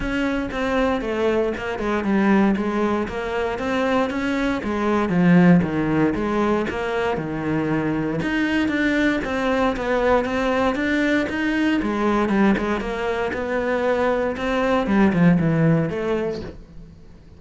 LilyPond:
\new Staff \with { instrumentName = "cello" } { \time 4/4 \tempo 4 = 117 cis'4 c'4 a4 ais8 gis8 | g4 gis4 ais4 c'4 | cis'4 gis4 f4 dis4 | gis4 ais4 dis2 |
dis'4 d'4 c'4 b4 | c'4 d'4 dis'4 gis4 | g8 gis8 ais4 b2 | c'4 g8 f8 e4 a4 | }